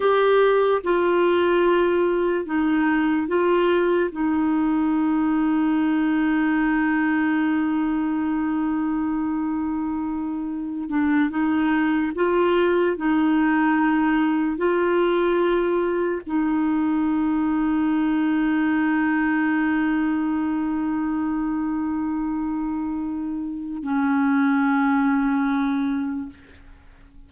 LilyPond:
\new Staff \with { instrumentName = "clarinet" } { \time 4/4 \tempo 4 = 73 g'4 f'2 dis'4 | f'4 dis'2.~ | dis'1~ | dis'4~ dis'16 d'8 dis'4 f'4 dis'16~ |
dis'4.~ dis'16 f'2 dis'16~ | dis'1~ | dis'1~ | dis'4 cis'2. | }